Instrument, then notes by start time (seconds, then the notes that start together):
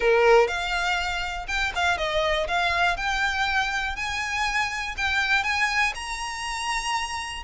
violin
0.00 A#4
0.47 F5
1.47 G5
1.75 F5
1.97 D#5
2.47 F5
2.97 G5
3.96 G#5
4.97 G5
5.43 G#5
5.94 A#5